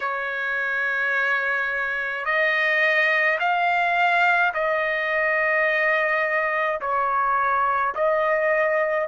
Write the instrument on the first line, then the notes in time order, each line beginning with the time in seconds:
trumpet
0.00 C#5
2.25 D#5
3.40 F5
4.53 D#5
6.80 C#5
7.95 D#5